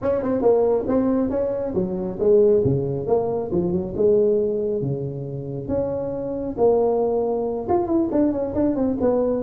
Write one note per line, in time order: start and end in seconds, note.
0.02 0.22 C#4
0.22 0.41 C4
0.41 0.85 A#3
0.87 1.30 C4
1.30 1.73 C#4
1.74 2.18 F#3
2.19 2.63 G#3
2.64 3.07 C#3
3.07 3.50 A#3
3.51 3.71 F3
3.71 3.93 F#3
3.96 4.81 G#3
4.81 5.68 C#3
5.68 6.55 C#4
6.57 7.67 A#3
7.68 7.86 F4
7.86 8.08 E4
8.11 8.32 D4
8.32 8.54 C#4
8.54 8.75 D4
8.75 8.97 C4
9.00 9.43 B3